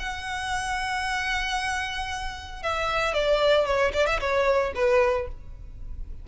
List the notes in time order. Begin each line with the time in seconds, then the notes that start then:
0.00 F#5
2.63 E5
3.14 D5
3.66 C#5
3.94 D5
4.07 E5
4.21 C#5
4.76 B4